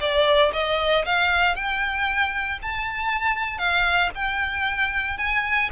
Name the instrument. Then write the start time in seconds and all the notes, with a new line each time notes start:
violin
0.00 D5
0.53 D#5
1.05 F5
1.55 G5
2.62 A5
3.58 F5
4.15 G5
5.17 G#5